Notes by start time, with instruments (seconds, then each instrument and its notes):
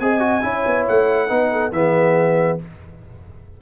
0.00 tuba C4, trombone G#4, horn D#5, trumpet G#5
0.20 trombone F#4
0.43 tuba C#4, trombone E4, horn C#5
0.66 tuba B3
0.88 tuba A3, trumpet F#5
1.29 tuba B3, trombone D#4, horn B4
1.52 horn A4
1.72 tuba E3, trombone B3, horn G#4, trumpet E5